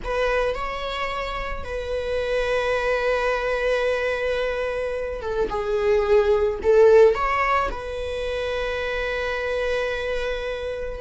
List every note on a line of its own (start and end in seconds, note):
0.04 0.55 B4
0.55 1.64 C#5
1.64 5.21 B4
5.21 5.48 A4
5.49 6.59 G#4
6.62 7.14 A4
7.14 7.69 C#5
7.71 11.00 B4